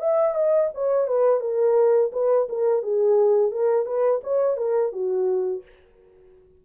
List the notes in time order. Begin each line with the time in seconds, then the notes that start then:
0.00 E5
0.35 D#5
0.74 C#5
1.08 B4
1.41 A#4
2.13 B4
2.50 A#4
2.83 G#4
3.52 A#4
3.86 B4
4.24 C#5
4.58 A#4
4.93 F#4